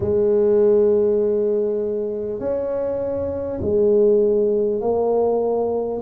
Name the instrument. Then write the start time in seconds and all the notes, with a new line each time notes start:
tuba
0.00 G#3
2.39 C#4
3.61 G#3
4.80 A#3